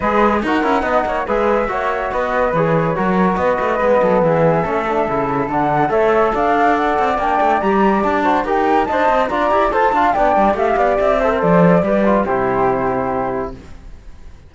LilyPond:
<<
  \new Staff \with { instrumentName = "flute" } { \time 4/4 \tempo 4 = 142 dis''4 fis''2 e''4~ | e''4 dis''4 cis''2 | dis''2 e''2~ | e''4 fis''4 e''4 f''4 |
fis''4 g''4 ais''4 a''4 | g''4 a''4 ais''4 a''4 | g''4 f''4 e''4 d''4~ | d''4 c''2. | }
  \new Staff \with { instrumentName = "flute" } { \time 4/4 b'4 ais'4 dis''8 cis''8 b'4 | cis''4 b'2 ais'4 | b'4. a'8 gis'4 a'4~ | a'2 cis''4 d''4~ |
d''2.~ d''8 c''8 | ais'4 dis''4 d''4 c''8 f''8 | d''4 e''8 d''4 c''4. | b'4 g'2. | }
  \new Staff \with { instrumentName = "trombone" } { \time 4/4 gis'4 fis'8 e'8 dis'4 gis'4 | fis'2 gis'4 fis'4~ | fis'4 b2 cis'8 d'8 | e'4 d'4 a'2~ |
a'4 d'4 g'4. fis'8 | g'4 c''4 f'8 g'8 a'8 f'8 | d'4 g'4. a'16 ais'16 a'4 | g'8 f'8 e'2. | }
  \new Staff \with { instrumentName = "cello" } { \time 4/4 gis4 dis'8 cis'8 b8 ais8 gis4 | ais4 b4 e4 fis4 | b8 a8 gis8 fis8 e4 a4 | cis4 d4 a4 d'4~ |
d'8 c'8 ais8 a8 g4 d'4 | dis'4 d'8 c'8 d'8 e'8 f'8 d'8 | b8 g8 a8 b8 c'4 f4 | g4 c2. | }
>>